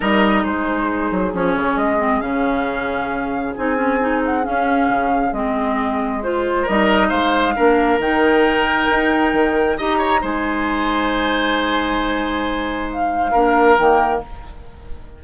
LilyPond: <<
  \new Staff \with { instrumentName = "flute" } { \time 4/4 \tempo 4 = 135 dis''4 c''2 cis''4 | dis''4 f''2. | gis''4. fis''8 f''2 | dis''2 c''4 dis''4 |
f''2 g''2~ | g''2 ais''4 gis''4~ | gis''1~ | gis''4 f''2 g''4 | }
  \new Staff \with { instrumentName = "oboe" } { \time 4/4 ais'4 gis'2.~ | gis'1~ | gis'1~ | gis'2. ais'4 |
c''4 ais'2.~ | ais'2 dis''8 cis''8 c''4~ | c''1~ | c''2 ais'2 | }
  \new Staff \with { instrumentName = "clarinet" } { \time 4/4 dis'2. cis'4~ | cis'8 c'8 cis'2. | dis'8 cis'8 dis'4 cis'2 | c'2 f'4 dis'4~ |
dis'4 d'4 dis'2~ | dis'2 g'4 dis'4~ | dis'1~ | dis'2 d'4 ais4 | }
  \new Staff \with { instrumentName = "bassoon" } { \time 4/4 g4 gis4. fis8 f8 cis8 | gis4 cis2. | c'2 cis'4 cis4 | gis2. g4 |
gis4 ais4 dis2 | dis'4 dis4 dis'4 gis4~ | gis1~ | gis2 ais4 dis4 | }
>>